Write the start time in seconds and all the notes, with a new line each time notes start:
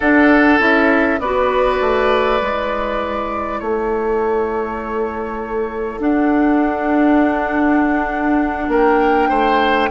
0.00 D4 A4 F#5
0.58 C#4 E4 E5
1.19 B3 F#4 B4 D5
1.80 A3
2.40 G#3 E4
3.59 A3 A4 C#5
5.99 D4 F#5
8.68 A#3 A#4 G5
9.29 A3 C5